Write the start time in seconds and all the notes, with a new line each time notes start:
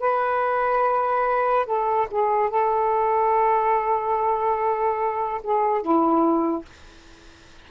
0.00 B4
1.66 A4
2.11 G#4
2.50 A4
5.43 G#4
5.82 E4